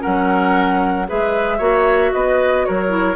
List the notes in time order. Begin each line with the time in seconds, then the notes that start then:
0.00 C#4 A#4 F#5
0.06 F#3
1.07 G#3 G#4 B4 E5
1.58 A#3 F#4 C#5
2.13 B3 B4 D#5
2.65 F#3 A#4 C#5
2.88 E4